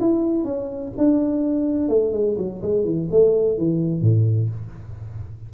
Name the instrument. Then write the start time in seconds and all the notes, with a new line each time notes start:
tuba
0.00 E4
0.44 C#4
0.98 D4
1.89 A3
2.12 G#3
2.38 F#3
2.62 G#3
2.85 E3
3.11 A3
3.58 E3
4.01 A2